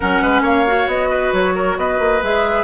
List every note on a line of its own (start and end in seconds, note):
0.00 0.21 F#3
0.00 0.66 C#4
0.00 0.22 A#4
0.00 0.42 F#5
0.21 0.40 G#3
0.21 0.42 B4
0.40 0.85 A#3
0.40 1.08 C#5
0.40 0.88 F5
0.66 2.21 F#4
0.87 1.31 B3
0.87 1.33 D#5
1.09 1.54 B4
1.32 1.77 F#3
1.32 1.78 C#5
1.54 1.77 A#4
1.77 1.99 B3
1.77 2.63 B4
1.77 2.22 D#5
1.99 2.21 A#3
2.22 2.63 G#3
2.22 2.63 G#4
2.22 2.63 E5